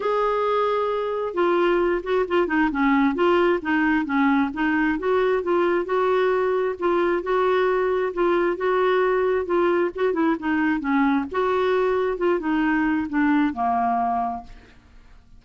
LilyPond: \new Staff \with { instrumentName = "clarinet" } { \time 4/4 \tempo 4 = 133 gis'2. f'4~ | f'8 fis'8 f'8 dis'8 cis'4 f'4 | dis'4 cis'4 dis'4 fis'4 | f'4 fis'2 f'4 |
fis'2 f'4 fis'4~ | fis'4 f'4 fis'8 e'8 dis'4 | cis'4 fis'2 f'8 dis'8~ | dis'4 d'4 ais2 | }